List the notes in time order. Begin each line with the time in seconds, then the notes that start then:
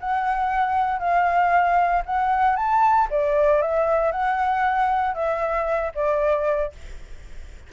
0.00 F#5
0.99 F5
2.05 F#5
2.56 A5
3.11 D5
3.62 E5
4.11 F#5
5.14 E5
5.95 D5